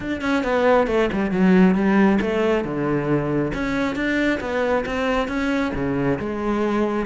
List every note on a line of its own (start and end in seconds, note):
0.00 0.21 D4
0.21 0.43 C#4
0.43 0.87 B3
0.87 1.09 A3
1.12 1.31 G3
1.31 1.74 F#3
1.74 2.19 G3
2.21 2.64 A3
2.64 3.52 D3
3.53 3.95 C#4
3.95 4.39 D4
4.40 4.84 B3
4.85 5.27 C4
5.27 5.72 C#4
5.74 6.18 C#3
6.19 7.06 G#3